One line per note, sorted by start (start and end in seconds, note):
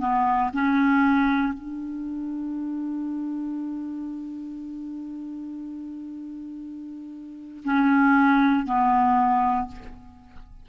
0.00 0.51 B3
0.54 1.53 C#4
1.53 7.64 D4
7.65 8.66 C#4
8.66 9.67 B3